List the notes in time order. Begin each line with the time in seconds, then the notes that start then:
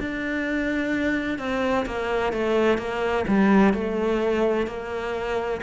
0.00 D4
1.38 C4
1.86 A#3
2.32 A3
2.77 A#3
3.27 G3
3.73 A3
4.67 A#3